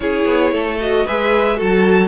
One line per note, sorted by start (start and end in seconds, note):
0.00 0.25 C#4
0.00 0.79 E4
0.00 0.53 G#4
0.00 0.78 C#5
0.25 0.51 B3
0.51 1.04 A3
0.51 1.05 A4
0.80 1.07 F#4
0.80 1.06 D#5
1.05 1.60 G#3
1.05 1.56 G#4
1.05 1.56 B4
1.05 1.59 E5
1.56 2.07 F#3
1.56 2.07 F#4
1.56 2.07 A4
1.56 2.07 A5